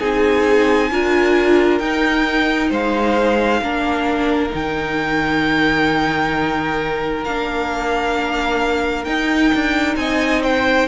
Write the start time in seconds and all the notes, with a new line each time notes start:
0.00 C4 D#4 G#4 G#5
0.91 D4 F4 A#4
1.79 D#4 G5
2.70 G#3 C5 F5
3.62 A#3 D4 A#4
4.50 D#3 D#4 G5
7.25 A#3 D4 F5
9.05 D#4 G5
9.55 D4
9.96 C4 D#5 G#5
10.44 C5 G5